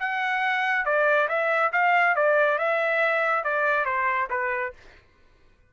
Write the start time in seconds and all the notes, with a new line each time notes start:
0.00 F#5
0.86 D5
1.29 E5
1.73 F5
2.16 D5
2.59 E5
3.45 D5
3.86 C5
4.30 B4